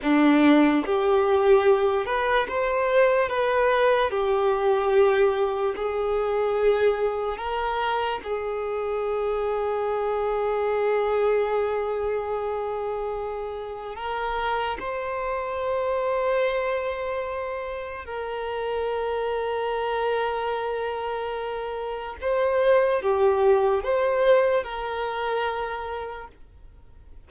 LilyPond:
\new Staff \with { instrumentName = "violin" } { \time 4/4 \tempo 4 = 73 d'4 g'4. b'8 c''4 | b'4 g'2 gis'4~ | gis'4 ais'4 gis'2~ | gis'1~ |
gis'4 ais'4 c''2~ | c''2 ais'2~ | ais'2. c''4 | g'4 c''4 ais'2 | }